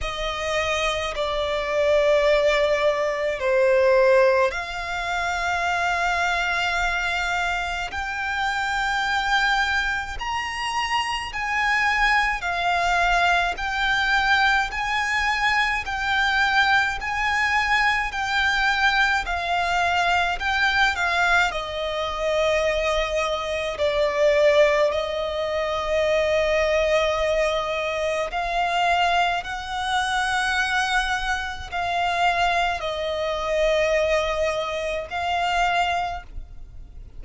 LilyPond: \new Staff \with { instrumentName = "violin" } { \time 4/4 \tempo 4 = 53 dis''4 d''2 c''4 | f''2. g''4~ | g''4 ais''4 gis''4 f''4 | g''4 gis''4 g''4 gis''4 |
g''4 f''4 g''8 f''8 dis''4~ | dis''4 d''4 dis''2~ | dis''4 f''4 fis''2 | f''4 dis''2 f''4 | }